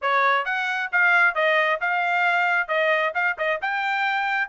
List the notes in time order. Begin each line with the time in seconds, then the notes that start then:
0.01 C#5
0.45 F#5
0.92 F5
1.35 D#5
1.80 F5
2.67 D#5
3.14 F5
3.37 D#5
3.61 G5